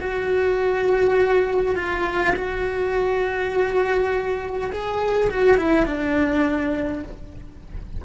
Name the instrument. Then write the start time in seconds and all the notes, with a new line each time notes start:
cello
0.00 F#4
1.75 F4
2.36 F#4
4.72 G#4
5.30 F#4
5.57 E4
5.86 D4